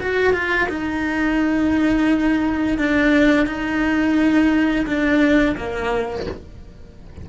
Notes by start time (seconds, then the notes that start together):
0.00 F#4
0.33 F4
0.69 D#4
2.78 D4
3.46 D#4
4.86 D4
5.57 A#3